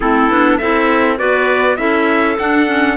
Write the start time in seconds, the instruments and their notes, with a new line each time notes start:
0.00 cello A3, clarinet C4 E4, trumpet A4
0.29 cello B3, clarinet D4
0.57 cello C4, clarinet E4 A4, trumpet E5
1.17 cello B3, clarinet F#4 B4, trumpet D5
1.76 cello C#4, clarinet E4 A4, trumpet E5
2.38 clarinet D4, cello D4, trumpet F#5
2.66 clarinet C#4